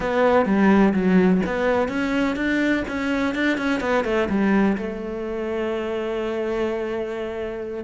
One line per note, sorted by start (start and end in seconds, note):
0.00 0.45 B3
0.45 0.93 G3
0.93 1.41 F#3
1.46 1.88 B3
1.88 2.35 C#4
2.36 2.83 D4
2.87 3.35 C#4
3.35 3.57 D4
3.57 3.80 C#4
3.80 4.04 B3
4.04 4.28 A3
4.29 4.76 G3
4.77 7.84 A3